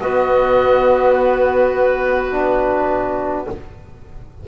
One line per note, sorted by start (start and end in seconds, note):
0.00 3.47 B3
0.00 2.31 B3
0.00 3.47 F#4
0.00 1.15 D#5
1.15 3.45 B4
2.31 3.46 D4